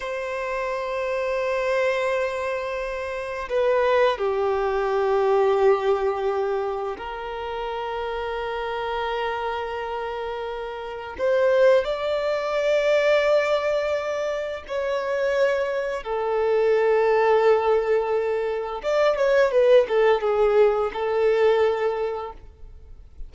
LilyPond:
\new Staff \with { instrumentName = "violin" } { \time 4/4 \tempo 4 = 86 c''1~ | c''4 b'4 g'2~ | g'2 ais'2~ | ais'1 |
c''4 d''2.~ | d''4 cis''2 a'4~ | a'2. d''8 cis''8 | b'8 a'8 gis'4 a'2 | }